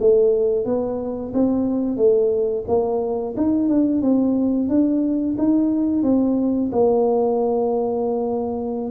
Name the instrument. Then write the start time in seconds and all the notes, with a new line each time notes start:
tuba
0.00 A3
0.65 B3
1.33 C4
1.97 A3
2.68 A#3
3.36 D#4
3.69 D4
4.01 C4
4.69 D4
5.38 D#4
6.03 C4
6.72 A#3